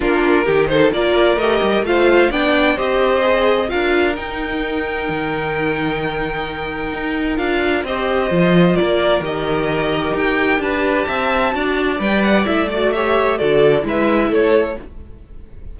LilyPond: <<
  \new Staff \with { instrumentName = "violin" } { \time 4/4 \tempo 4 = 130 ais'4. c''8 d''4 dis''4 | f''4 g''4 dis''2 | f''4 g''2.~ | g''1 |
f''4 dis''2 d''4 | dis''2 g''4 a''4~ | a''2 g''8 fis''8 e''8 d''8 | e''4 d''4 e''4 cis''4 | }
  \new Staff \with { instrumentName = "violin" } { \time 4/4 f'4 g'8 a'8 ais'2 | c''4 d''4 c''2 | ais'1~ | ais'1~ |
ais'4 c''2 ais'4~ | ais'2. b'4 | e''4 d''2. | cis''4 a'4 b'4 a'4 | }
  \new Staff \with { instrumentName = "viola" } { \time 4/4 d'4 dis'4 f'4 g'4 | f'4 d'4 g'4 gis'4 | f'4 dis'2.~ | dis'1 |
f'4 g'4 f'2 | g'1~ | g'4 fis'4 b'4 e'8 fis'8 | g'4 fis'4 e'2 | }
  \new Staff \with { instrumentName = "cello" } { \time 4/4 ais4 dis4 ais4 a8 g8 | a4 b4 c'2 | d'4 dis'2 dis4~ | dis2. dis'4 |
d'4 c'4 f4 ais4 | dis2 dis'4 d'4 | c'4 d'4 g4 a4~ | a4 d4 gis4 a4 | }
>>